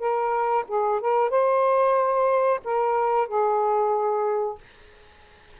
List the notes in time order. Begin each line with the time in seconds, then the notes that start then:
0.00 A#4
0.68 G#4
1.01 A#4
1.30 C5
2.65 A#4
3.28 G#4